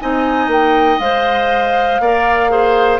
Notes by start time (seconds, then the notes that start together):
0.00 C4 D#4 D#5 G#5
0.48 A#3 G5
1.00 G#3 C5 F5
2.00 A#3 A#4 D5
2.50 G#4 C5